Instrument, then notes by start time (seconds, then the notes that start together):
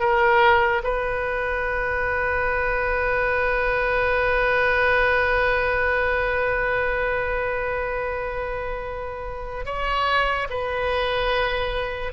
oboe
0.00 A#4
0.84 B4
9.66 C#5
10.50 B4